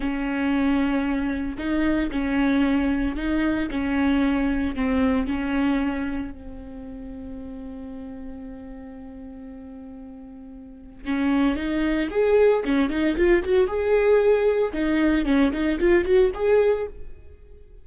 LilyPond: \new Staff \with { instrumentName = "viola" } { \time 4/4 \tempo 4 = 114 cis'2. dis'4 | cis'2 dis'4 cis'4~ | cis'4 c'4 cis'2 | c'1~ |
c'1~ | c'4 cis'4 dis'4 gis'4 | cis'8 dis'8 f'8 fis'8 gis'2 | dis'4 cis'8 dis'8 f'8 fis'8 gis'4 | }